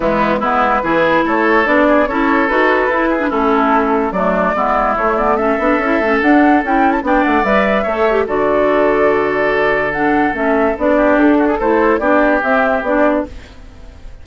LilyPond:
<<
  \new Staff \with { instrumentName = "flute" } { \time 4/4 \tempo 4 = 145 e'4 b'2 cis''4 | d''4 cis''4 b'2 | a'2 d''2 | cis''8 d''8 e''2 fis''4 |
g''8. a''16 g''8 fis''8 e''2 | d''1 | fis''4 e''4 d''4 a'4 | c''4 d''4 e''4 d''4 | }
  \new Staff \with { instrumentName = "oboe" } { \time 4/4 b4 e'4 gis'4 a'4~ | a'8 gis'8 a'2~ a'8 gis'8 | e'2 d'4 e'4~ | e'4 a'2.~ |
a'4 d''2 cis''4 | a'1~ | a'2~ a'8 g'4 fis'16 gis'16 | a'4 g'2. | }
  \new Staff \with { instrumentName = "clarinet" } { \time 4/4 gis4 b4 e'2 | d'4 e'4 fis'4 e'8. d'16 | cis'2 a4 b4 | a8 b8 cis'8 d'8 e'8 cis'8 d'4 |
e'4 d'4 b'4 a'8 g'8 | fis'1 | d'4 cis'4 d'2 | e'4 d'4 c'4 d'4 | }
  \new Staff \with { instrumentName = "bassoon" } { \time 4/4 e4 gis4 e4 a4 | b4 cis'4 dis'4 e'4 | a2 fis4 gis4 | a4. b8 cis'8 a8 d'4 |
cis'4 b8 a8 g4 a4 | d1~ | d4 a4 b4 d'4 | a4 b4 c'4 b4 | }
>>